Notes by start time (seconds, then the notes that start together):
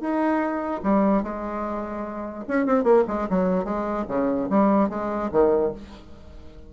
0.00 D#4
0.83 G3
1.23 G#3
2.48 C#4
2.66 C4
2.83 A#3
3.07 G#3
3.29 F#3
3.64 G#3
4.08 C#3
4.49 G3
4.89 G#3
5.31 D#3